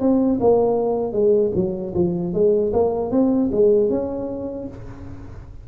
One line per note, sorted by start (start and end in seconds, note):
0.00 0.39 C4
0.41 1.13 A#3
1.13 1.52 G#3
1.55 1.94 F#3
1.94 2.33 F3
2.33 2.72 G#3
2.73 3.11 A#3
3.11 3.50 C4
3.52 3.90 G#3
3.90 4.68 C#4